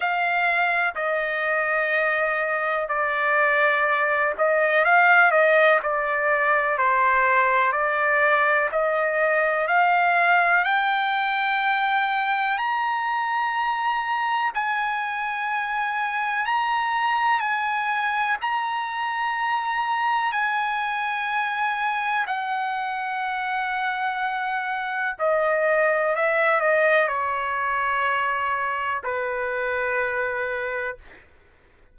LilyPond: \new Staff \with { instrumentName = "trumpet" } { \time 4/4 \tempo 4 = 62 f''4 dis''2 d''4~ | d''8 dis''8 f''8 dis''8 d''4 c''4 | d''4 dis''4 f''4 g''4~ | g''4 ais''2 gis''4~ |
gis''4 ais''4 gis''4 ais''4~ | ais''4 gis''2 fis''4~ | fis''2 dis''4 e''8 dis''8 | cis''2 b'2 | }